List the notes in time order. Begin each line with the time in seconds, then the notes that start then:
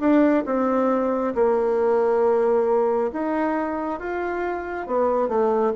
0.00 D4
0.46 C4
1.35 A#3
3.12 D#4
4.00 F4
4.87 B3
5.29 A3